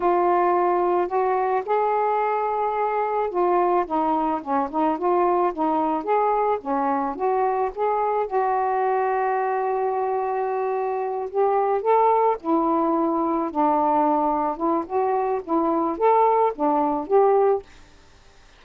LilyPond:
\new Staff \with { instrumentName = "saxophone" } { \time 4/4 \tempo 4 = 109 f'2 fis'4 gis'4~ | gis'2 f'4 dis'4 | cis'8 dis'8 f'4 dis'4 gis'4 | cis'4 fis'4 gis'4 fis'4~ |
fis'1~ | fis'8 g'4 a'4 e'4.~ | e'8 d'2 e'8 fis'4 | e'4 a'4 d'4 g'4 | }